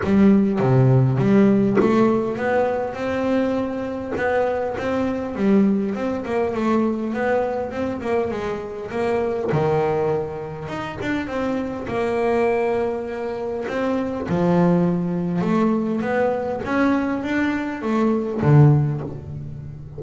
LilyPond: \new Staff \with { instrumentName = "double bass" } { \time 4/4 \tempo 4 = 101 g4 c4 g4 a4 | b4 c'2 b4 | c'4 g4 c'8 ais8 a4 | b4 c'8 ais8 gis4 ais4 |
dis2 dis'8 d'8 c'4 | ais2. c'4 | f2 a4 b4 | cis'4 d'4 a4 d4 | }